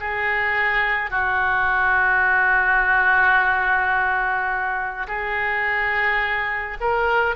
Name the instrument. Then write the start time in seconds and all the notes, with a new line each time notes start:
oboe
0.00 G#4
1.11 F#4
5.08 G#4
6.81 A#4